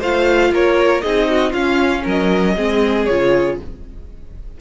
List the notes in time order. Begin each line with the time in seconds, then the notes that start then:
0.00 A3 F4 C5 F5
0.51 A#3 A#4 C#5
1.02 C4 D#4 G#4 D#5
1.30 F#4
1.51 C#4 F4 F5
2.04 F#3 A#4 D#5
2.57 G#3 C4 G#4
3.06 C#3 F4 C#5